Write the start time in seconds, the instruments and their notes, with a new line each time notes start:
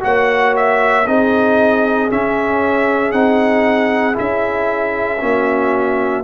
0.00 tuba A#3, trombone F#4, horn C#5, trumpet F#5
0.56 trumpet E5
1.06 tuba C4, trombone D#4, horn G#4, trumpet D#5
2.10 trombone C#4, tuba C#4, trumpet E5
3.12 tuba C4, trombone D#4, trumpet F#5
4.14 tuba C#4, trombone E4, trumpet E5
5.21 tuba A#3, trombone C#4, horn F#4